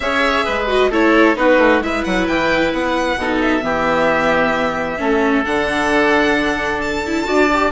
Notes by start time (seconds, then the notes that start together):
0.00 C#4 G#4 C#5 E5
0.45 G#3 B4
0.67 F#4 D#5
0.89 A3 E4 A4 C#5
1.35 B3 D#4 F#4 B4
1.57 A3
1.80 G#3 E4 B4 E5
2.04 F#3 F#5
2.27 E3 G5
2.72 B3 F#5
3.16 B2 D#4 A4
3.41 E5
3.60 E3 B3 G4
4.98 A3 C#4 A4
5.44 D3 D4 F#5
6.80 A5
7.06 E4
7.24 D4 F#4 D5
7.52 G4